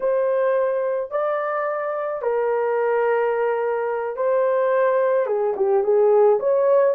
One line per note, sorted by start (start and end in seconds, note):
0.00 1.10 C5
1.10 2.21 D5
2.22 4.16 A#4
4.16 5.26 C5
5.26 5.54 G#4
5.56 5.83 G4
5.83 6.39 G#4
6.39 6.94 C#5